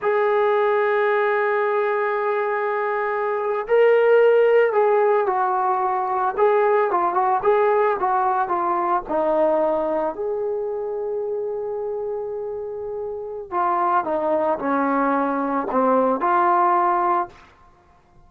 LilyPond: \new Staff \with { instrumentName = "trombone" } { \time 4/4 \tempo 4 = 111 gis'1~ | gis'2~ gis'8. ais'4~ ais'16~ | ais'8. gis'4 fis'2 gis'16~ | gis'8. f'8 fis'8 gis'4 fis'4 f'16~ |
f'8. dis'2 gis'4~ gis'16~ | gis'1~ | gis'4 f'4 dis'4 cis'4~ | cis'4 c'4 f'2 | }